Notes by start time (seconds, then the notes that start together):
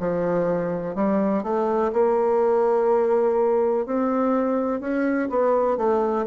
0.00 F3
0.95 G3
1.43 A3
1.93 A#3
3.87 C4
4.81 C#4
5.30 B3
5.78 A3